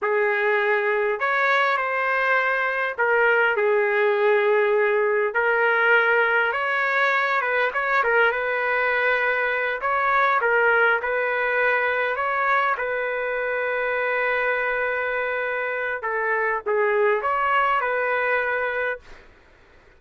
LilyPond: \new Staff \with { instrumentName = "trumpet" } { \time 4/4 \tempo 4 = 101 gis'2 cis''4 c''4~ | c''4 ais'4 gis'2~ | gis'4 ais'2 cis''4~ | cis''8 b'8 cis''8 ais'8 b'2~ |
b'8 cis''4 ais'4 b'4.~ | b'8 cis''4 b'2~ b'8~ | b'2. a'4 | gis'4 cis''4 b'2 | }